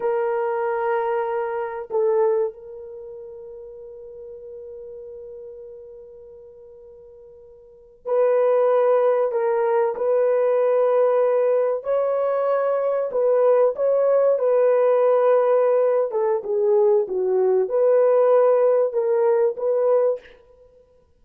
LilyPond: \new Staff \with { instrumentName = "horn" } { \time 4/4 \tempo 4 = 95 ais'2. a'4 | ais'1~ | ais'1~ | ais'8. b'2 ais'4 b'16~ |
b'2~ b'8. cis''4~ cis''16~ | cis''8. b'4 cis''4 b'4~ b'16~ | b'4. a'8 gis'4 fis'4 | b'2 ais'4 b'4 | }